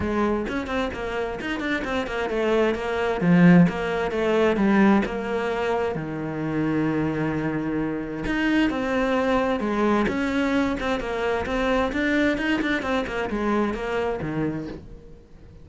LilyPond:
\new Staff \with { instrumentName = "cello" } { \time 4/4 \tempo 4 = 131 gis4 cis'8 c'8 ais4 dis'8 d'8 | c'8 ais8 a4 ais4 f4 | ais4 a4 g4 ais4~ | ais4 dis2.~ |
dis2 dis'4 c'4~ | c'4 gis4 cis'4. c'8 | ais4 c'4 d'4 dis'8 d'8 | c'8 ais8 gis4 ais4 dis4 | }